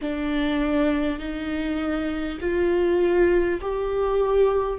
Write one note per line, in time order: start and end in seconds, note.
0.01 1.18 D4
1.18 2.38 D#4
2.40 3.60 F4
3.61 4.78 G4